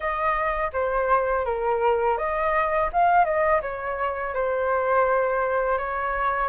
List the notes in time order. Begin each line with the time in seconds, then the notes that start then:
0.00 D#5
0.72 C5
1.45 A#4
2.17 D#5
2.92 F5
3.24 D#5
3.61 C#5
4.34 C5
5.78 C#5